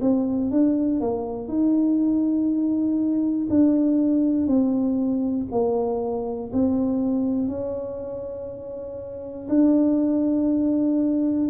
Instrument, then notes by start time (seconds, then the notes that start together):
tuba
0.00 C4
0.50 D4
1.00 A#3
1.47 D#4
3.50 D4
4.46 C4
5.50 A#3
6.53 C4
7.48 C#4
9.48 D4